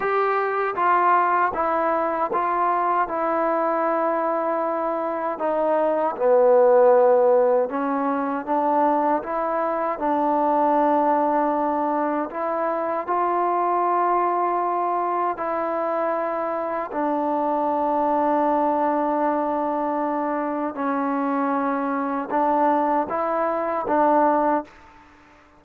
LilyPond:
\new Staff \with { instrumentName = "trombone" } { \time 4/4 \tempo 4 = 78 g'4 f'4 e'4 f'4 | e'2. dis'4 | b2 cis'4 d'4 | e'4 d'2. |
e'4 f'2. | e'2 d'2~ | d'2. cis'4~ | cis'4 d'4 e'4 d'4 | }